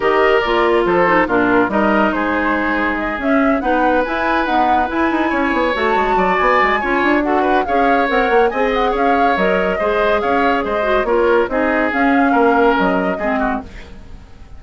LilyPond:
<<
  \new Staff \with { instrumentName = "flute" } { \time 4/4 \tempo 4 = 141 dis''4 d''4 c''4 ais'4 | dis''4 c''2 dis''8 e''8~ | e''8 fis''4 gis''4 fis''4 gis''8~ | gis''4. a''4. gis''4~ |
gis''4 fis''4 f''4 fis''4 | gis''8 fis''8 f''4 dis''2 | f''4 dis''4 cis''4 dis''4 | f''2 dis''2 | }
  \new Staff \with { instrumentName = "oboe" } { \time 4/4 ais'2 a'4 f'4 | ais'4 gis'2.~ | gis'8 b'2.~ b'8~ | b'8 cis''2 d''4. |
cis''4 a'8 b'8 cis''2 | dis''4 cis''2 c''4 | cis''4 c''4 ais'4 gis'4~ | gis'4 ais'2 gis'8 fis'8 | }
  \new Staff \with { instrumentName = "clarinet" } { \time 4/4 g'4 f'4. dis'8 d'4 | dis'2.~ dis'8 cis'8~ | cis'8 dis'4 e'4 b4 e'8~ | e'4. fis'2~ fis'8 |
f'4 fis'4 gis'4 ais'4 | gis'2 ais'4 gis'4~ | gis'4. fis'8 f'4 dis'4 | cis'2. c'4 | }
  \new Staff \with { instrumentName = "bassoon" } { \time 4/4 dis4 ais4 f4 ais,4 | g4 gis2~ gis8 cis'8~ | cis'8 b4 e'4 dis'4 e'8 | dis'8 cis'8 b8 a8 gis8 fis8 b8 gis8 |
cis'8 d'4. cis'4 c'8 ais8 | c'4 cis'4 fis4 gis4 | cis'4 gis4 ais4 c'4 | cis'4 ais4 fis4 gis4 | }
>>